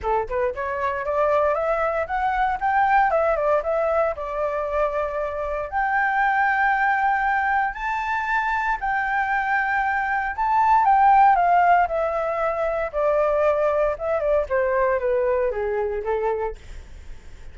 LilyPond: \new Staff \with { instrumentName = "flute" } { \time 4/4 \tempo 4 = 116 a'8 b'8 cis''4 d''4 e''4 | fis''4 g''4 e''8 d''8 e''4 | d''2. g''4~ | g''2. a''4~ |
a''4 g''2. | a''4 g''4 f''4 e''4~ | e''4 d''2 e''8 d''8 | c''4 b'4 gis'4 a'4 | }